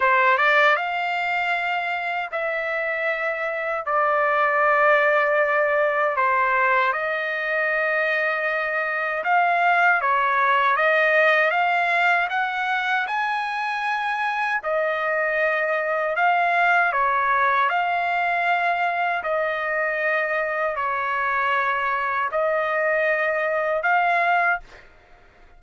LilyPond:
\new Staff \with { instrumentName = "trumpet" } { \time 4/4 \tempo 4 = 78 c''8 d''8 f''2 e''4~ | e''4 d''2. | c''4 dis''2. | f''4 cis''4 dis''4 f''4 |
fis''4 gis''2 dis''4~ | dis''4 f''4 cis''4 f''4~ | f''4 dis''2 cis''4~ | cis''4 dis''2 f''4 | }